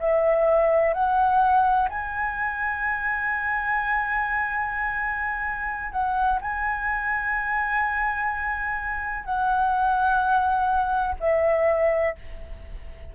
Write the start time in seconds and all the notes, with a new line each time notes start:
0.00 E5
0.94 F#5
1.90 G#5
5.92 F#5
6.41 G#5
9.25 F#5
11.20 E5